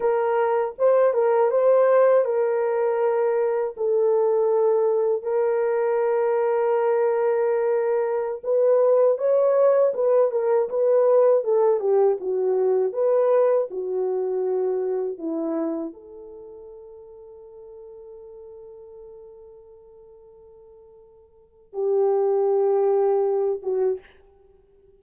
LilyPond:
\new Staff \with { instrumentName = "horn" } { \time 4/4 \tempo 4 = 80 ais'4 c''8 ais'8 c''4 ais'4~ | ais'4 a'2 ais'4~ | ais'2.~ ais'16 b'8.~ | b'16 cis''4 b'8 ais'8 b'4 a'8 g'16~ |
g'16 fis'4 b'4 fis'4.~ fis'16~ | fis'16 e'4 a'2~ a'8.~ | a'1~ | a'4 g'2~ g'8 fis'8 | }